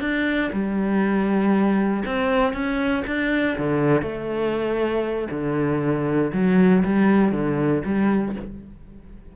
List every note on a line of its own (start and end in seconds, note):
0.00 0.50 D4
0.52 2.03 G3
2.05 2.53 C4
2.53 3.03 C#4
3.06 3.57 D4
3.58 4.02 D3
4.02 5.28 A3
5.30 6.31 D3
6.33 6.83 F#3
6.84 7.32 G3
7.32 7.82 D3
7.85 8.35 G3